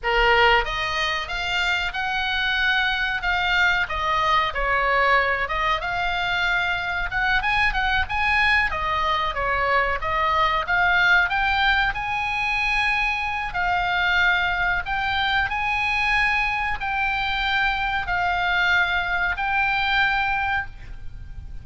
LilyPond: \new Staff \with { instrumentName = "oboe" } { \time 4/4 \tempo 4 = 93 ais'4 dis''4 f''4 fis''4~ | fis''4 f''4 dis''4 cis''4~ | cis''8 dis''8 f''2 fis''8 gis''8 | fis''8 gis''4 dis''4 cis''4 dis''8~ |
dis''8 f''4 g''4 gis''4.~ | gis''4 f''2 g''4 | gis''2 g''2 | f''2 g''2 | }